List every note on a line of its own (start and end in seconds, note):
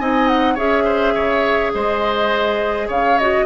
0.00 0.58 C4
0.00 0.57 D#4
0.00 0.55 D#5
0.00 0.28 G#5
0.28 0.57 F#5
0.55 1.16 C#4
0.55 3.17 G#4
0.55 0.84 C#5
0.55 1.73 E5
0.85 1.14 C5
1.15 1.73 C#3
1.15 1.73 C#5
1.74 2.89 G#3
1.74 2.88 C5
1.74 2.89 D#5
2.88 3.46 C#3
2.88 3.46 C#5
2.88 3.18 F5
3.18 3.46 F#4
3.18 3.46 D#5